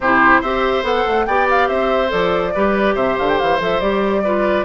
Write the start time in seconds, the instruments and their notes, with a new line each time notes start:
0.00 bassoon C3, clarinet E4, oboe G4, flute C5
0.40 bassoon C4, clarinet G4, oboe C5, flute E5
0.82 bassoon B3, clarinet A4, flute F#5
1.07 bassoon A3
1.26 bassoon B3, clarinet G4, oboe D5, flute G5
1.49 flute F5
1.68 bassoon C4, oboe C5, flute E5
2.08 bassoon F3, clarinet A4, flute D5
2.54 bassoon G3, clarinet G4, oboe B4
2.95 bassoon C3, oboe C5, flute E5
3.18 bassoon D3, flute F5
3.28 flute G5
3.39 bassoon E3, flute F5
3.59 bassoon F3, clarinet A4, flute E5
3.80 bassoon G3, clarinet G4, flute D5
4.24 clarinet F4, oboe B4